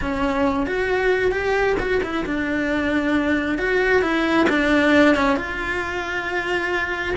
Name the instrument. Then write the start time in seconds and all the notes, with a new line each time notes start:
cello
0.01 C#4
0.66 F#4
1.31 G4
1.79 F#4
2.03 E4
2.25 D4
3.58 F#4
4.02 E4
4.49 D4
5.15 C#4
5.36 F4